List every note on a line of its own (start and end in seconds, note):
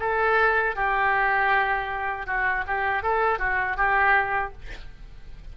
0.00 0.76 A4
0.76 2.27 G4
2.27 2.65 F#4
2.67 3.03 G4
3.03 3.39 A4
3.39 3.77 F#4
3.77 4.53 G4